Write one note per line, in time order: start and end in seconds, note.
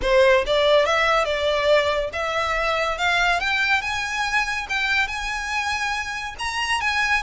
0.02 0.44 C5
0.46 0.85 D5
0.85 1.24 E5
1.24 2.09 D5
2.13 2.97 E5
2.97 3.40 F5
3.40 3.81 G5
3.81 4.67 G#5
4.69 5.07 G5
5.07 6.35 G#5
6.38 6.80 A#5
6.80 7.22 G#5